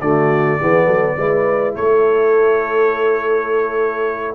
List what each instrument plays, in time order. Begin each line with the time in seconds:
0.00 tuba D3, trombone A3, horn F#4, trumpet D5
0.59 tuba E3, trombone B3, horn G#4
0.86 tuba F#3, horn A4
1.17 tuba G#3, trombone E4, horn B4
1.75 tuba A3, horn A4, trumpet C#5